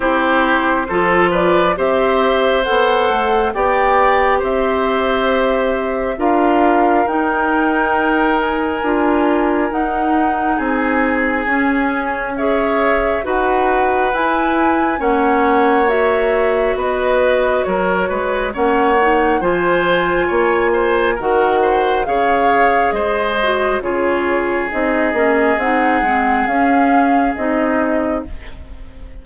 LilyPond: <<
  \new Staff \with { instrumentName = "flute" } { \time 4/4 \tempo 4 = 68 c''4. d''8 e''4 fis''4 | g''4 e''2 f''4 | g''4. gis''4. fis''4 | gis''2 e''4 fis''4 |
gis''4 fis''4 e''4 dis''4 | cis''4 fis''4 gis''2 | fis''4 f''4 dis''4 cis''4 | dis''4 fis''4 f''4 dis''4 | }
  \new Staff \with { instrumentName = "oboe" } { \time 4/4 g'4 a'8 b'8 c''2 | d''4 c''2 ais'4~ | ais'1 | gis'2 cis''4 b'4~ |
b'4 cis''2 b'4 | ais'8 b'8 cis''4 c''4 cis''8 c''8 | ais'8 c''8 cis''4 c''4 gis'4~ | gis'1 | }
  \new Staff \with { instrumentName = "clarinet" } { \time 4/4 e'4 f'4 g'4 a'4 | g'2. f'4 | dis'2 f'4 dis'4~ | dis'4 cis'4 gis'4 fis'4 |
e'4 cis'4 fis'2~ | fis'4 cis'8 dis'8 f'2 | fis'4 gis'4. fis'8 f'4 | dis'8 cis'8 dis'8 c'8 cis'4 dis'4 | }
  \new Staff \with { instrumentName = "bassoon" } { \time 4/4 c'4 f4 c'4 b8 a8 | b4 c'2 d'4 | dis'2 d'4 dis'4 | c'4 cis'2 dis'4 |
e'4 ais2 b4 | fis8 gis8 ais4 f4 ais4 | dis4 cis4 gis4 cis4 | c'8 ais8 c'8 gis8 cis'4 c'4 | }
>>